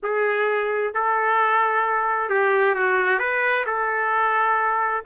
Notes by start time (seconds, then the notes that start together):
0.02 G#4
0.94 A4
2.29 G4
2.75 F#4
3.19 B4
3.66 A4